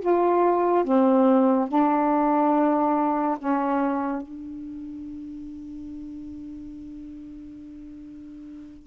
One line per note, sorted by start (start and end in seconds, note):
0.00 0.84 F4
0.84 1.68 C4
1.68 3.37 D4
3.38 4.22 C#4
4.22 8.87 D4